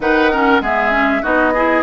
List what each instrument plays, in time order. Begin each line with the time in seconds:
0.00 bassoon D#3, clarinet D#4, oboe B4, flute F#5
0.31 clarinet C#4, oboe A#4
0.60 bassoon G#3, clarinet B3, oboe G#4, flute E5
0.91 clarinet C#4
1.22 bassoon B3, clarinet D#4, oboe F#4, flute D#5
1.54 clarinet E4, oboe G#4